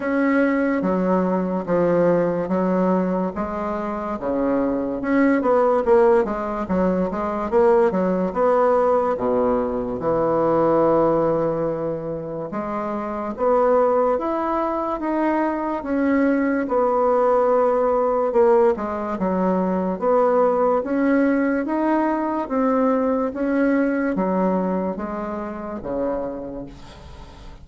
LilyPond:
\new Staff \with { instrumentName = "bassoon" } { \time 4/4 \tempo 4 = 72 cis'4 fis4 f4 fis4 | gis4 cis4 cis'8 b8 ais8 gis8 | fis8 gis8 ais8 fis8 b4 b,4 | e2. gis4 |
b4 e'4 dis'4 cis'4 | b2 ais8 gis8 fis4 | b4 cis'4 dis'4 c'4 | cis'4 fis4 gis4 cis4 | }